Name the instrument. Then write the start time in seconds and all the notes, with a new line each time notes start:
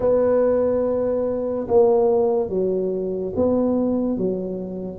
tuba
0.00 B3
1.67 A#3
2.49 F#3
3.35 B3
4.17 F#3